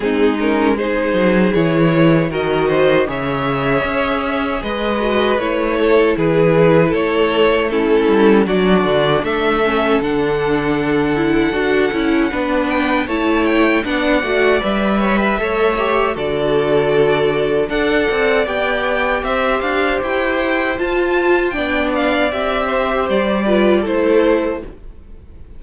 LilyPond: <<
  \new Staff \with { instrumentName = "violin" } { \time 4/4 \tempo 4 = 78 gis'8 ais'8 c''4 cis''4 dis''4 | e''2 dis''4 cis''4 | b'4 cis''4 a'4 d''4 | e''4 fis''2.~ |
fis''8 g''8 a''8 g''8 fis''4 e''4~ | e''4 d''2 fis''4 | g''4 e''8 f''8 g''4 a''4 | g''8 f''8 e''4 d''4 c''4 | }
  \new Staff \with { instrumentName = "violin" } { \time 4/4 dis'4 gis'2 ais'8 c''8 | cis''2 b'4. a'8 | gis'4 a'4 e'4 fis'4 | a'1 |
b'4 cis''4 d''4. cis''16 b'16 | cis''4 a'2 d''4~ | d''4 c''2. | d''4. c''4 b'8 a'4 | }
  \new Staff \with { instrumentName = "viola" } { \time 4/4 c'8 cis'8 dis'4 e'4 fis'4 | gis'2~ gis'8 fis'8 e'4~ | e'2 cis'4 d'4~ | d'8 cis'8 d'4. e'8 fis'8 e'8 |
d'4 e'4 d'8 fis'8 b'4 | a'8 g'8 fis'2 a'4 | g'2. f'4 | d'4 g'4. f'8 e'4 | }
  \new Staff \with { instrumentName = "cello" } { \time 4/4 gis4. fis8 e4 dis4 | cis4 cis'4 gis4 a4 | e4 a4. g8 fis8 d8 | a4 d2 d'8 cis'8 |
b4 a4 b8 a8 g4 | a4 d2 d'8 c'8 | b4 c'8 d'8 e'4 f'4 | b4 c'4 g4 a4 | }
>>